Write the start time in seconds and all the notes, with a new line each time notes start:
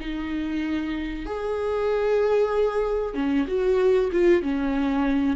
0.00 D#4
1.26 G#4
3.15 C#4
3.48 F#4
4.13 F4
4.43 C#4